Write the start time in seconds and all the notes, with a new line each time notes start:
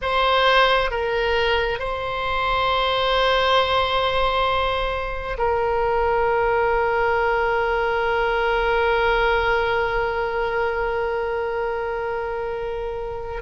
0.01 C5
0.90 A#4
1.79 C5
5.38 A#4